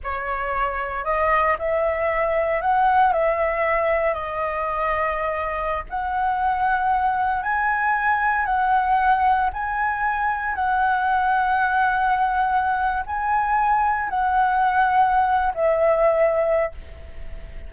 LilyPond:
\new Staff \with { instrumentName = "flute" } { \time 4/4 \tempo 4 = 115 cis''2 dis''4 e''4~ | e''4 fis''4 e''2 | dis''2.~ dis''16 fis''8.~ | fis''2~ fis''16 gis''4.~ gis''16~ |
gis''16 fis''2 gis''4.~ gis''16~ | gis''16 fis''2.~ fis''8.~ | fis''4 gis''2 fis''4~ | fis''4.~ fis''16 e''2~ e''16 | }